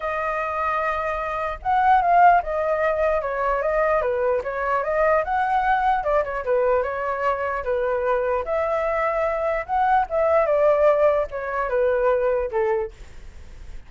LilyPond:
\new Staff \with { instrumentName = "flute" } { \time 4/4 \tempo 4 = 149 dis''1 | fis''4 f''4 dis''2 | cis''4 dis''4 b'4 cis''4 | dis''4 fis''2 d''8 cis''8 |
b'4 cis''2 b'4~ | b'4 e''2. | fis''4 e''4 d''2 | cis''4 b'2 a'4 | }